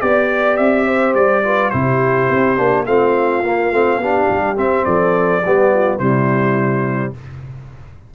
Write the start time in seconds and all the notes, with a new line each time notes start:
0.00 B3 G4 D5
0.56 C4 E5
0.85 C5
1.14 G3 D5
1.43 F4 B4
1.69 C3 E4 G4 C5
2.29 C4
2.56 A#3 D4
2.85 A3 C4 F4 F5
3.43 A#3
3.71 A3 C4
3.97 B3 D4 G4
4.30 G3
4.55 C4 E5
4.84 F3 A4 D5
5.43 G3 B3 G4
5.73 F4
5.97 C3 G3 E4 C5